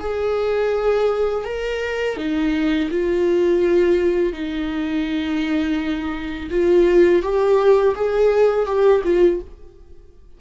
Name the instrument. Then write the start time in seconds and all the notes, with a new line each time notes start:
viola
0.00 G#4
1.44 A#4
2.17 D#4
2.90 F4
4.33 D#4
6.50 F4
7.22 G4
7.95 G#4
8.66 G4
9.04 F4